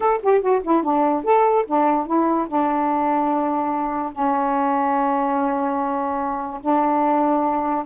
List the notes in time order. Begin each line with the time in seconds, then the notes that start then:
0.00 A4
0.22 G4
0.41 F#4
0.63 E4
0.83 D4
1.24 A4
1.66 D4
2.06 E4
2.47 D4
4.12 C#4
6.61 D4